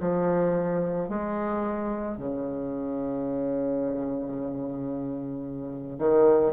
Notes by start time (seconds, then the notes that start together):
0.00 F3
1.09 G#3
2.18 C#3
6.00 D#3